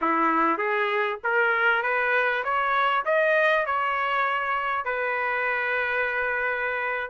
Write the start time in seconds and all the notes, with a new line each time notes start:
0.01 E4
0.57 G#4
1.23 A#4
1.83 B4
2.44 C#5
3.05 D#5
3.66 C#5
4.85 B4